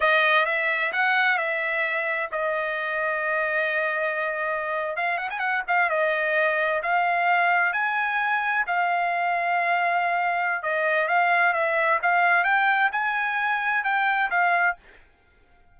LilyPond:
\new Staff \with { instrumentName = "trumpet" } { \time 4/4 \tempo 4 = 130 dis''4 e''4 fis''4 e''4~ | e''4 dis''2.~ | dis''2~ dis''8. f''8 fis''16 gis''16 fis''16~ | fis''16 f''8 dis''2 f''4~ f''16~ |
f''8. gis''2 f''4~ f''16~ | f''2. dis''4 | f''4 e''4 f''4 g''4 | gis''2 g''4 f''4 | }